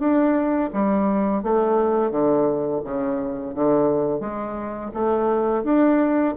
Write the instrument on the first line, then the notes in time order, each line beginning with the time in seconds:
bassoon
0.00 D4
0.74 G3
1.43 A3
2.11 D3
2.85 C#3
3.55 D3
4.21 G#3
4.94 A3
5.64 D4